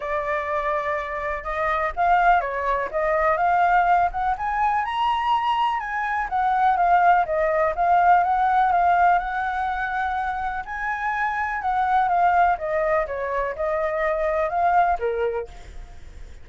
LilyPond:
\new Staff \with { instrumentName = "flute" } { \time 4/4 \tempo 4 = 124 d''2. dis''4 | f''4 cis''4 dis''4 f''4~ | f''8 fis''8 gis''4 ais''2 | gis''4 fis''4 f''4 dis''4 |
f''4 fis''4 f''4 fis''4~ | fis''2 gis''2 | fis''4 f''4 dis''4 cis''4 | dis''2 f''4 ais'4 | }